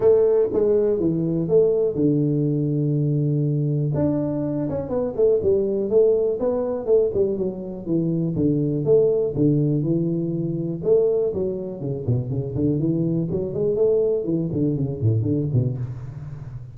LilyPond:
\new Staff \with { instrumentName = "tuba" } { \time 4/4 \tempo 4 = 122 a4 gis4 e4 a4 | d1 | d'4. cis'8 b8 a8 g4 | a4 b4 a8 g8 fis4 |
e4 d4 a4 d4 | e2 a4 fis4 | cis8 b,8 cis8 d8 e4 fis8 gis8 | a4 e8 d8 cis8 a,8 d8 b,8 | }